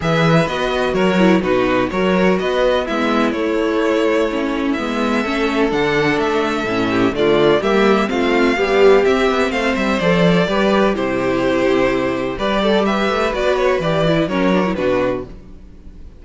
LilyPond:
<<
  \new Staff \with { instrumentName = "violin" } { \time 4/4 \tempo 4 = 126 e''4 dis''4 cis''4 b'4 | cis''4 dis''4 e''4 cis''4~ | cis''2 e''2 | fis''4 e''2 d''4 |
e''4 f''2 e''4 | f''8 e''8 d''2 c''4~ | c''2 d''4 e''4 | d''8 cis''8 d''4 cis''4 b'4 | }
  \new Staff \with { instrumentName = "violin" } { \time 4/4 b'2 ais'4 fis'4 | ais'4 b'4 e'2~ | e'2. a'4~ | a'2~ a'8 g'8 f'4 |
g'4 f'4 g'2 | c''2 b'4 g'4~ | g'2 b'8 a'8 b'4~ | b'2 ais'4 fis'4 | }
  \new Staff \with { instrumentName = "viola" } { \time 4/4 gis'4 fis'4. e'8 dis'4 | fis'2 b4 a4~ | a4 cis'4 b4 cis'4 | d'2 cis'4 a4 |
ais4 c'4 g4 c'4~ | c'4 a'4 g'4 e'4~ | e'2 g'2 | fis'4 g'8 e'8 cis'8 d'16 e'16 d'4 | }
  \new Staff \with { instrumentName = "cello" } { \time 4/4 e4 b4 fis4 b,4 | fis4 b4 gis4 a4~ | a2 gis4 a4 | d4 a4 a,4 d4 |
g4 a4 b4 c'8 b8 | a8 g8 f4 g4 c4~ | c2 g4. a8 | b4 e4 fis4 b,4 | }
>>